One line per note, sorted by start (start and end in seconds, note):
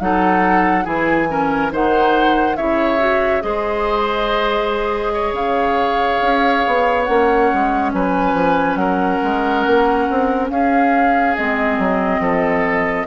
0.00 0.86 F#3
0.00 0.85 D#4
0.00 0.85 A4
0.00 0.86 F#5
0.85 1.72 E3
0.85 1.28 E4
0.85 1.28 G#4
0.85 1.72 G#5
1.29 1.71 C#4
1.29 1.73 A#4
1.72 2.57 D#3
1.72 2.57 D#4
1.72 2.57 C5
1.72 2.57 F#5
2.57 3.43 C#3
2.57 2.99 E4
2.57 3.43 C#5
2.57 3.42 E5
2.99 3.41 F#4
3.41 5.33 G#3
3.41 7.06 G#4
3.41 5.13 C5
3.41 5.35 D#5
5.13 7.92 C#5
5.33 6.19 C#3
5.33 7.04 F5
6.22 6.64 C#4
6.67 7.09 B3
7.04 7.52 A#3
7.04 11.36 C#4
7.04 7.90 F#5
7.54 7.94 G#3
7.94 8.34 F#3
7.94 8.80 B4
7.94 8.75 G#5
8.34 8.76 F3
8.75 9.19 F#3
8.75 10.51 A#4
8.75 10.47 F#5
9.23 9.66 G#3
9.66 10.09 A#3
10.10 10.51 C4
10.50 11.36 C#4
10.50 12.22 G#4
10.50 11.36 F5
11.36 11.79 G#3
11.36 13.07 C4
11.36 13.07 D#5
11.79 12.20 F#3
12.20 13.06 F3
12.20 13.07 A4